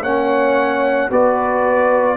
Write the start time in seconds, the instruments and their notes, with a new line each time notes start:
0.00 tuba A#3, trombone C#4, horn C#5, trumpet F#5
1.10 tuba B3, trombone F#4, horn B4, trumpet D5